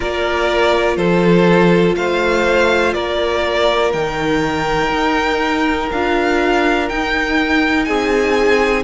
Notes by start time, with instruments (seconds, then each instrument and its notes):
0.00 cello A#3, viola F4, violin A#4 D5
0.96 cello F3, violin A4 C5
1.95 cello A3, violin C5 F5
2.93 cello A#3, violin A#4 D5
3.92 cello D#3, viola D#4, violin G5
4.89 cello D#4
5.91 cello D4, viola F4, violin F5
6.89 viola D#4, cello D#4, violin G5
7.84 cello C4, violin G#4 G#5